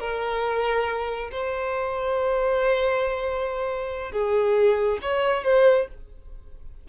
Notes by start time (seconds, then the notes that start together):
0.00 A#4
1.32 C5
4.12 G#4
5.02 C#5
5.44 C5